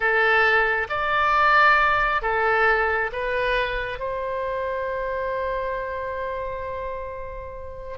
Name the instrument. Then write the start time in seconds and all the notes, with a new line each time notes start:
oboe
0.00 A4
0.89 D5
2.22 A4
3.12 B4
3.99 C5